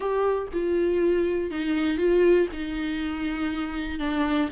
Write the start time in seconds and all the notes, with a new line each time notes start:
0.00 G4
0.53 F4
1.50 D#4
1.97 F4
2.52 D#4
3.99 D4